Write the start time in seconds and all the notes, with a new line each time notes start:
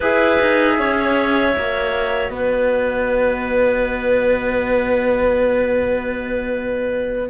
0.00 E4 G#4 B4 E5
0.40 D#4
0.79 C#4 C#5
1.52 A#3 F#4
2.30 B3 B4 D#5